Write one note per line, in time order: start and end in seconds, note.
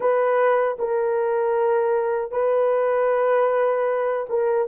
0.00 0.77 B4
0.78 2.31 A#4
2.31 4.26 B4
4.29 4.68 A#4